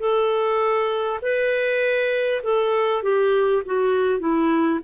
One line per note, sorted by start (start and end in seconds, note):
0.00 1.20 A4
1.23 2.43 B4
2.44 3.03 A4
3.03 3.63 G4
3.66 4.20 F#4
4.20 4.80 E4